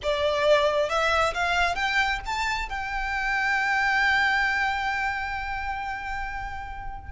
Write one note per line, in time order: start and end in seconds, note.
0.02 0.89 D5
0.89 1.33 E5
1.34 1.75 F5
1.75 2.19 G5
2.25 2.69 A5
2.69 7.11 G5